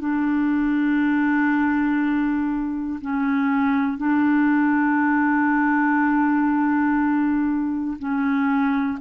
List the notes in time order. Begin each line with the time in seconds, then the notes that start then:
0.00 D4
3.01 C#4
3.97 D4
7.99 C#4